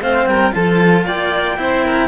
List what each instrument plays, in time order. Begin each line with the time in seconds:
0.00 cello A3 C4, violin C5, clarinet F5
0.26 cello G3, violin A#4, clarinet G5
0.52 cello F3 F4, violin A4, clarinet A5
1.06 cello A#3, violin D5, clarinet G5
1.58 cello C4 E4, violin C5
1.85 violin A#4